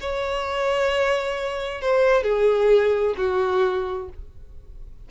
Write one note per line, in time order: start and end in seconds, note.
0.00 1.81 C#5
1.81 2.23 C5
2.23 3.14 G#4
3.17 4.08 F#4